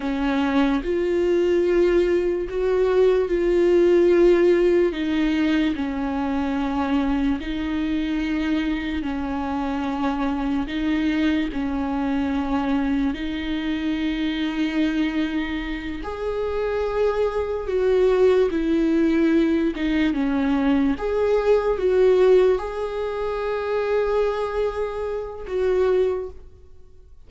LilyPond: \new Staff \with { instrumentName = "viola" } { \time 4/4 \tempo 4 = 73 cis'4 f'2 fis'4 | f'2 dis'4 cis'4~ | cis'4 dis'2 cis'4~ | cis'4 dis'4 cis'2 |
dis'2.~ dis'8 gis'8~ | gis'4. fis'4 e'4. | dis'8 cis'4 gis'4 fis'4 gis'8~ | gis'2. fis'4 | }